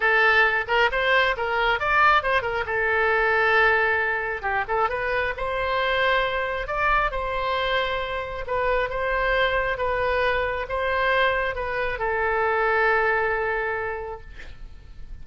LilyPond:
\new Staff \with { instrumentName = "oboe" } { \time 4/4 \tempo 4 = 135 a'4. ais'8 c''4 ais'4 | d''4 c''8 ais'8 a'2~ | a'2 g'8 a'8 b'4 | c''2. d''4 |
c''2. b'4 | c''2 b'2 | c''2 b'4 a'4~ | a'1 | }